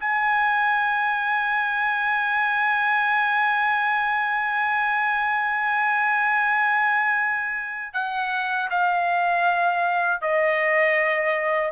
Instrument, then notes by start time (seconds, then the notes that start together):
trumpet
0.00 G#5
7.94 F#5
8.70 F5
10.22 D#5